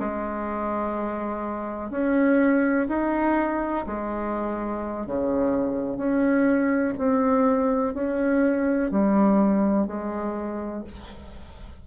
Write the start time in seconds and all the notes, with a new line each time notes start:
0.00 G#3
1.91 C#4
2.89 D#4
3.87 G#3
5.07 C#3
5.97 C#4
6.99 C4
7.94 C#4
8.91 G3
9.87 G#3